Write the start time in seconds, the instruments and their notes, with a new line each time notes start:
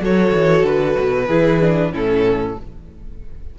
0.00 cello F#3, viola F#4, violin A4 C#5
0.32 cello E3
0.64 cello D3, violin B4
0.99 cello B2
1.27 cello E3, viola E4, violin G#4
1.62 viola D4
1.93 cello A2, viola C#4, violin E4 A4